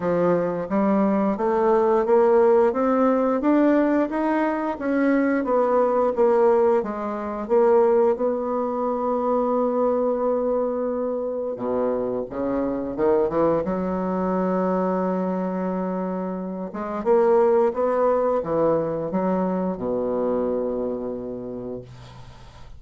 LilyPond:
\new Staff \with { instrumentName = "bassoon" } { \time 4/4 \tempo 4 = 88 f4 g4 a4 ais4 | c'4 d'4 dis'4 cis'4 | b4 ais4 gis4 ais4 | b1~ |
b4 b,4 cis4 dis8 e8 | fis1~ | fis8 gis8 ais4 b4 e4 | fis4 b,2. | }